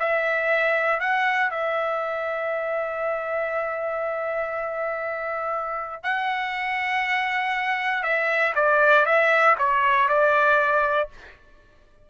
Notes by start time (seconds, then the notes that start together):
0.00 E5
1.00 F#5
1.51 E5
6.04 F#5
8.04 E5
8.56 D5
9.06 E5
9.59 C#5
10.09 D5